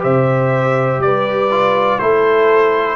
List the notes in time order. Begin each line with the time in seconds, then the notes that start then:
0.00 C3 G4 C5 E5
0.99 G3 B4 D5
1.51 F4
1.99 A3 E4 A4 C5